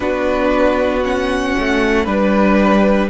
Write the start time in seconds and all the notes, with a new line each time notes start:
0.00 B3 D4 F#4 B4
1.03 C#4 F#5
1.59 A3
2.04 G3 D4 B4